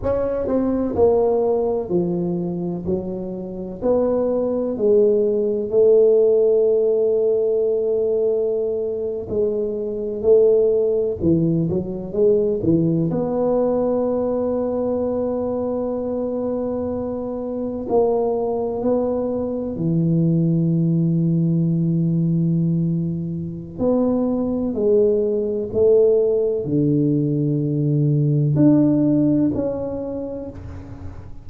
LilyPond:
\new Staff \with { instrumentName = "tuba" } { \time 4/4 \tempo 4 = 63 cis'8 c'8 ais4 f4 fis4 | b4 gis4 a2~ | a4.~ a16 gis4 a4 e16~ | e16 fis8 gis8 e8 b2~ b16~ |
b2~ b8. ais4 b16~ | b8. e2.~ e16~ | e4 b4 gis4 a4 | d2 d'4 cis'4 | }